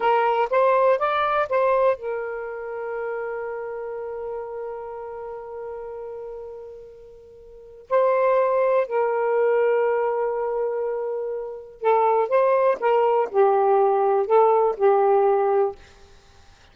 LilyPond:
\new Staff \with { instrumentName = "saxophone" } { \time 4/4 \tempo 4 = 122 ais'4 c''4 d''4 c''4 | ais'1~ | ais'1~ | ais'1 |
c''2 ais'2~ | ais'1 | a'4 c''4 ais'4 g'4~ | g'4 a'4 g'2 | }